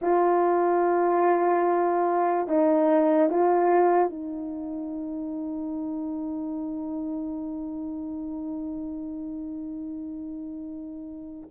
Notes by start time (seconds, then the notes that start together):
0.01 F4
2.47 D#4
3.30 F4
4.09 D#4